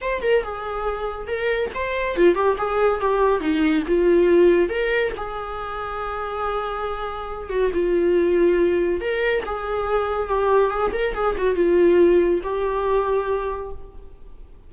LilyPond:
\new Staff \with { instrumentName = "viola" } { \time 4/4 \tempo 4 = 140 c''8 ais'8 gis'2 ais'4 | c''4 f'8 g'8 gis'4 g'4 | dis'4 f'2 ais'4 | gis'1~ |
gis'4. fis'8 f'2~ | f'4 ais'4 gis'2 | g'4 gis'8 ais'8 gis'8 fis'8 f'4~ | f'4 g'2. | }